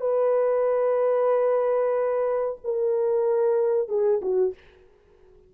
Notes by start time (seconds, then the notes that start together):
0.00 B4
2.64 A#4
3.88 G#4
4.22 F#4